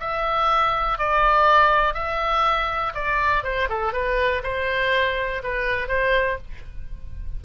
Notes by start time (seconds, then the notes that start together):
0.00 E5
0.98 D5
1.94 E5
2.94 D5
3.44 C5
3.69 A4
3.93 B4
4.43 C5
5.43 B4
5.88 C5